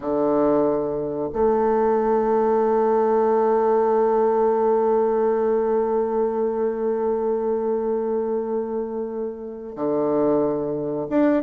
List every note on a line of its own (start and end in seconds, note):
0.00 1.29 D3
1.32 9.75 A3
9.75 11.06 D3
11.10 11.42 D4